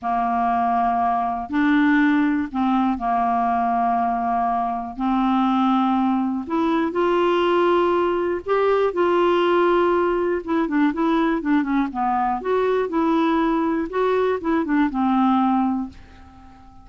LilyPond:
\new Staff \with { instrumentName = "clarinet" } { \time 4/4 \tempo 4 = 121 ais2. d'4~ | d'4 c'4 ais2~ | ais2 c'2~ | c'4 e'4 f'2~ |
f'4 g'4 f'2~ | f'4 e'8 d'8 e'4 d'8 cis'8 | b4 fis'4 e'2 | fis'4 e'8 d'8 c'2 | }